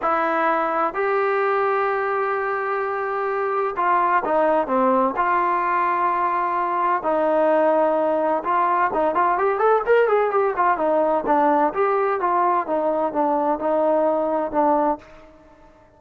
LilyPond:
\new Staff \with { instrumentName = "trombone" } { \time 4/4 \tempo 4 = 128 e'2 g'2~ | g'1 | f'4 dis'4 c'4 f'4~ | f'2. dis'4~ |
dis'2 f'4 dis'8 f'8 | g'8 a'8 ais'8 gis'8 g'8 f'8 dis'4 | d'4 g'4 f'4 dis'4 | d'4 dis'2 d'4 | }